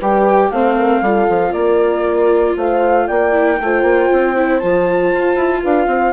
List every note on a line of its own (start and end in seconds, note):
0.00 0.51 G3
0.00 0.53 G4
0.00 0.51 B4
0.00 0.51 G5
0.51 1.02 A3
0.51 1.04 C4
0.51 0.78 C5
0.51 1.53 F5
0.78 1.01 A#4
1.01 1.28 G3
1.01 3.33 F4
1.01 1.52 A4
1.29 1.53 F3
1.53 2.56 A#3
1.53 2.55 A#4
1.53 2.55 D5
2.57 3.08 A3
2.57 3.07 C5
2.57 3.08 F5
3.07 3.60 A#3
3.07 3.59 D5
3.07 4.59 G5
3.33 3.58 E4
3.60 3.83 A3
3.60 4.37 F4
3.60 5.63 C5
3.83 4.08 A#3
4.13 4.63 C4
4.37 4.62 E4
4.59 5.14 F3
4.59 6.13 F4
4.59 5.62 A5
5.14 5.35 F4
5.35 5.61 E4
5.63 5.87 D4
5.63 5.88 B4
5.63 6.13 F5
5.87 6.13 C4
5.87 6.13 C5